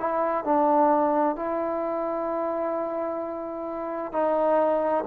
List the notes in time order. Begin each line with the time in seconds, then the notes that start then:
0.00 E4
0.45 D4
1.36 E4
4.12 D#4